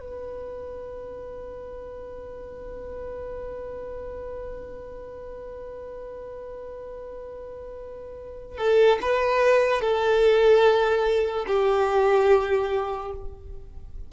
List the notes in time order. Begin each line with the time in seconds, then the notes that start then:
0.00 B4
8.58 A4
9.01 B4
9.81 A4
11.47 G4